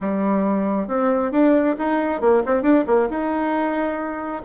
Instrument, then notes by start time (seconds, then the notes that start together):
bassoon
0.00 G3
0.87 C4
1.31 D4
1.78 D#4
2.20 A#3
2.45 C4
2.62 D4
2.87 A#3
3.09 D#4